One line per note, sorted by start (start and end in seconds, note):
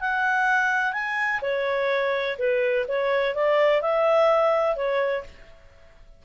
0.00 0.93 F#5
0.93 1.40 G#5
1.42 2.37 C#5
2.38 2.86 B4
2.88 3.35 C#5
3.35 3.81 D5
3.81 4.76 E5
4.76 5.23 C#5